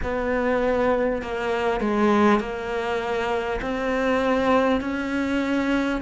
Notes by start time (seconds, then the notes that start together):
0.02 B3
1.22 A#3
1.80 G#3
2.39 A#3
3.61 C4
4.80 C#4